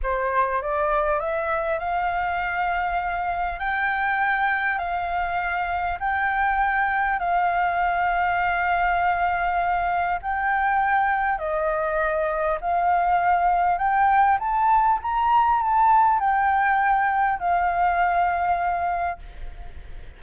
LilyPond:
\new Staff \with { instrumentName = "flute" } { \time 4/4 \tempo 4 = 100 c''4 d''4 e''4 f''4~ | f''2 g''2 | f''2 g''2 | f''1~ |
f''4 g''2 dis''4~ | dis''4 f''2 g''4 | a''4 ais''4 a''4 g''4~ | g''4 f''2. | }